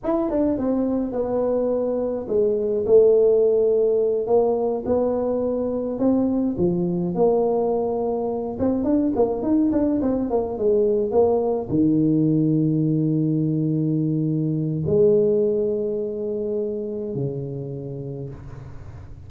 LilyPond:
\new Staff \with { instrumentName = "tuba" } { \time 4/4 \tempo 4 = 105 e'8 d'8 c'4 b2 | gis4 a2~ a8 ais8~ | ais8 b2 c'4 f8~ | f8 ais2~ ais8 c'8 d'8 |
ais8 dis'8 d'8 c'8 ais8 gis4 ais8~ | ais8 dis2.~ dis8~ | dis2 gis2~ | gis2 cis2 | }